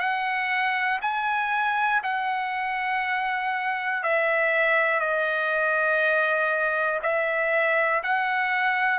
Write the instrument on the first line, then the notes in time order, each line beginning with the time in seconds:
trumpet
0.00 F#5
1.02 G#5
2.04 F#5
4.03 E5
5.00 D#5
7.03 E5
8.04 F#5